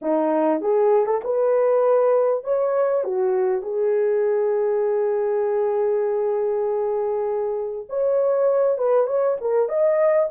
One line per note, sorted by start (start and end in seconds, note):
0.01 0.61 D#4
0.61 1.06 G#4
1.06 1.21 A4
1.24 2.44 B4
2.44 3.04 C#5
3.04 3.62 F#4
3.62 7.86 G#4
7.89 8.78 C#5
8.78 9.06 B4
9.06 9.37 C#5
9.40 9.68 A#4
9.68 10.29 D#5